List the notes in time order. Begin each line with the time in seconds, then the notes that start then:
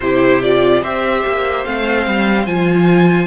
0.00 C3 E4 G4 C5
0.42 F4 D5
0.81 C4 G4 C5 E5
1.26 A#3
1.65 A3 C4 F5
2.06 G3
2.46 F3 F4 G#5